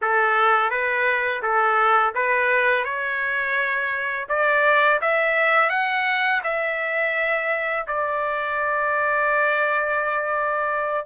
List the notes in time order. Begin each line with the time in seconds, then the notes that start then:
0.01 A4
0.70 B4
1.42 A4
2.14 B4
2.84 C#5
4.28 D5
5.01 E5
5.69 F#5
6.43 E5
7.87 D5